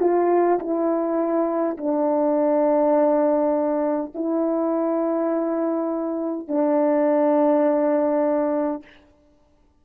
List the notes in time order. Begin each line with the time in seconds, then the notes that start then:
0.00 F4
0.59 E4
1.77 D4
4.14 E4
6.48 D4